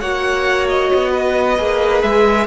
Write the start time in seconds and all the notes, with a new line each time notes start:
0.00 A#3 F#4 C#5 F#5
0.68 D#5
0.94 B3
1.11 B4
1.57 A#3 G#4
2.02 G#3 E5